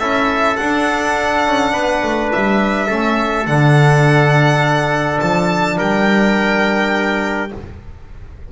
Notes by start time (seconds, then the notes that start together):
0.00 C#4 E4 A4 E5
0.57 D4 F#5
1.47 C#4
1.73 B3 B4
2.03 A3
2.33 G3 E5
2.87 A3 C#4 A4
3.47 D3 D4 F#5
5.20 F3 A5
5.78 G3 A#4 G5